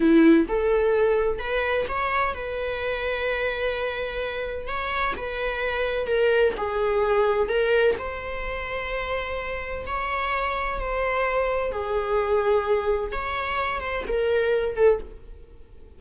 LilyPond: \new Staff \with { instrumentName = "viola" } { \time 4/4 \tempo 4 = 128 e'4 a'2 b'4 | cis''4 b'2.~ | b'2 cis''4 b'4~ | b'4 ais'4 gis'2 |
ais'4 c''2.~ | c''4 cis''2 c''4~ | c''4 gis'2. | cis''4. c''8 ais'4. a'8 | }